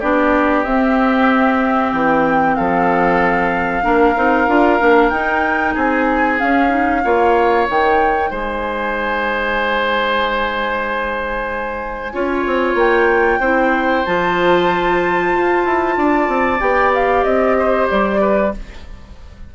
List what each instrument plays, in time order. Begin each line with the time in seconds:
0.00 bassoon B3, clarinet D4, oboe G4, flute D5
0.64 bassoon C4, clarinet C4, flute E5
1.92 bassoon E3, flute G5
2.55 bassoon F3, oboe A4, flute F5
3.83 bassoon A#3, clarinet D4, oboe A#4
4.16 bassoon C4, clarinet D#4
4.48 bassoon D4, clarinet F4
4.79 bassoon A#3, clarinet D4
5.10 bassoon D#4, clarinet D#4, flute G5
5.74 bassoon C4, oboe G#4, flute G#5
6.39 clarinet C#4, bassoon C#4, flute F5
6.70 clarinet D#4
7.04 bassoon A#3, clarinet F4, oboe C#5
7.68 bassoon D#3, clarinet D#4, flute G5
8.30 bassoon G#3, oboe C5, flute G#5
12.13 bassoon C#4, clarinet F4, oboe C#5
12.46 bassoon C4
12.75 bassoon A#3, flute G5
13.40 bassoon C4, clarinet E4, oboe C5
14.06 bassoon F3, clarinet F4, flute A5
15.33 bassoon F4
15.65 bassoon E4
15.97 bassoon D4, oboe D5
16.28 bassoon C4
16.60 bassoon B3, clarinet G4, flute G5
16.94 flute F5
17.24 bassoon C4, flute D#5
17.58 oboe C5
17.90 bassoon G3, flute D5
18.21 oboe B4